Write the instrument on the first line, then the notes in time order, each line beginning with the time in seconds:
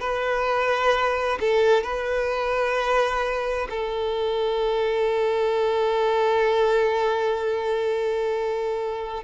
violin
0.00 B4
1.40 A4
1.83 B4
3.70 A4